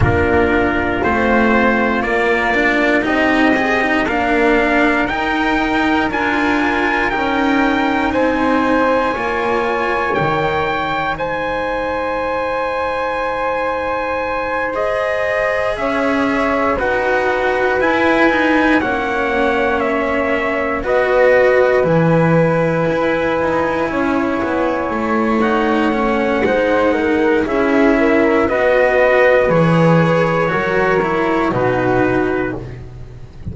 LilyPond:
<<
  \new Staff \with { instrumentName = "trumpet" } { \time 4/4 \tempo 4 = 59 ais'4 c''4 d''4 dis''4 | f''4 g''4 gis''4 g''4 | gis''2 g''4 gis''4~ | gis''2~ gis''8 dis''4 e''8~ |
e''8 fis''4 gis''4 fis''4 e''8~ | e''8 dis''4 gis''2~ gis''8~ | gis''4 fis''2 e''4 | dis''4 cis''2 b'4 | }
  \new Staff \with { instrumentName = "flute" } { \time 4/4 f'2. g'4 | ais'1 | c''4 cis''2 c''4~ | c''2.~ c''8 cis''8~ |
cis''8 b'2 cis''4.~ | cis''8 b'2. cis''8~ | cis''2 c''8 ais'8 gis'8 ais'8 | b'2 ais'4 fis'4 | }
  \new Staff \with { instrumentName = "cello" } { \time 4/4 d'4 c'4 ais8 d'8 dis'8 gis'16 dis'16 | d'4 dis'4 f'4 dis'4~ | dis'4 f'4 dis'2~ | dis'2~ dis'8 gis'4.~ |
gis'8 fis'4 e'8 dis'8 cis'4.~ | cis'8 fis'4 e'2~ e'8~ | e'4 dis'8 cis'8 dis'4 e'4 | fis'4 gis'4 fis'8 e'8 dis'4 | }
  \new Staff \with { instrumentName = "double bass" } { \time 4/4 ais4 a4 ais4 c'4 | ais4 dis'4 d'4 cis'4 | c'4 ais4 dis4 gis4~ | gis2.~ gis8 cis'8~ |
cis'8 dis'4 e'4 ais4.~ | ais8 b4 e4 e'8 dis'8 cis'8 | b8 a4. gis4 cis'4 | b4 e4 fis4 b,4 | }
>>